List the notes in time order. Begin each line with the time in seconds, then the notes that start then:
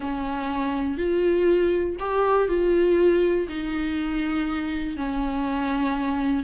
0.00 C#4
0.97 F4
1.99 G4
2.48 F4
3.48 D#4
4.97 C#4